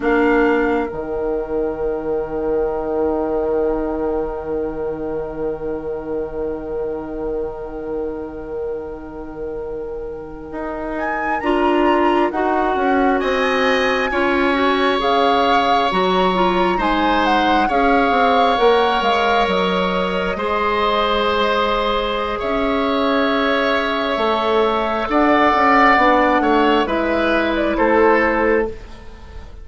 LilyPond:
<<
  \new Staff \with { instrumentName = "flute" } { \time 4/4 \tempo 4 = 67 f''4 g''2.~ | g''1~ | g''1~ | g''16 gis''8 ais''4 fis''4 gis''4~ gis''16~ |
gis''8. f''4 ais''4 gis''8 fis''8 f''16~ | f''8. fis''8 f''8 dis''2~ dis''16~ | dis''4 e''2. | fis''2 e''8. d''16 c''4 | }
  \new Staff \with { instrumentName = "oboe" } { \time 4/4 ais'1~ | ais'1~ | ais'1~ | ais'2~ ais'8. dis''4 cis''16~ |
cis''2~ cis''8. c''4 cis''16~ | cis''2~ cis''8. c''4~ c''16~ | c''4 cis''2. | d''4. cis''8 b'4 a'4 | }
  \new Staff \with { instrumentName = "clarinet" } { \time 4/4 d'4 dis'2.~ | dis'1~ | dis'1~ | dis'8. f'4 fis'2 f'16~ |
f'16 fis'8 gis'4 fis'8 f'8 dis'4 gis'16~ | gis'8. ais'2 gis'4~ gis'16~ | gis'2. a'4~ | a'4 d'4 e'2 | }
  \new Staff \with { instrumentName = "bassoon" } { \time 4/4 ais4 dis2.~ | dis1~ | dis2.~ dis8. dis'16~ | dis'8. d'4 dis'8 cis'8 c'4 cis'16~ |
cis'8. cis4 fis4 gis4 cis'16~ | cis'16 c'8 ais8 gis8 fis4 gis4~ gis16~ | gis4 cis'2 a4 | d'8 cis'8 b8 a8 gis4 a4 | }
>>